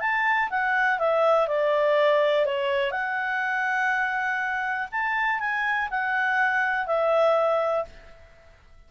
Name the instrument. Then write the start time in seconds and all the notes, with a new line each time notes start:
clarinet
0.00 A5
0.50 F#5
0.99 E5
1.48 D5
2.45 C#5
2.91 F#5
4.91 A5
5.39 G#5
5.90 F#5
6.86 E5